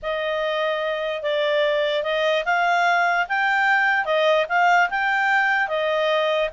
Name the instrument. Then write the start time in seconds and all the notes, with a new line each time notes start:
clarinet
0.02 D#5
1.22 D5
2.03 D#5
2.45 F5
3.28 G5
4.05 D#5
4.48 F5
4.90 G5
5.68 D#5